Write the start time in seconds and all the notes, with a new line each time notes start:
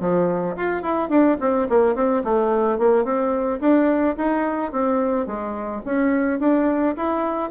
0.00 F3
0.57 F4
0.83 E4
1.09 D4
1.40 C4
1.69 A#3
1.95 C4
2.24 A3
2.79 A#3
3.04 C4
3.61 D4
4.17 D#4
4.72 C4
5.26 G#3
5.85 C#4
6.40 D4
6.97 E4